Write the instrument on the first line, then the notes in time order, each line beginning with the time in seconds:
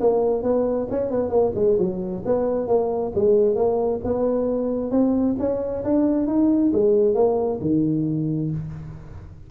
tuba
0.00 A#3
0.42 B3
0.90 C#4
1.11 B3
1.29 A#3
1.55 G#3
1.78 F#3
2.25 B3
2.67 A#3
3.15 G#3
3.55 A#3
4.04 B3
4.91 C4
5.39 C#4
5.84 D4
6.27 D#4
6.73 G#3
7.14 A#3
7.61 D#3